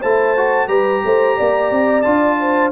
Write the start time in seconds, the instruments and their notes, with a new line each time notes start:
0.00 tuba A3, trombone E4, horn C5, trumpet A5
0.36 trombone F#4
0.67 tuba G3, trombone G4, horn B4, trumpet A#5
1.04 tuba A3, horn C5
1.37 tuba A#3, horn D5
1.71 tuba C4
2.02 tuba D4, trombone F4, trumpet A5
2.40 horn C5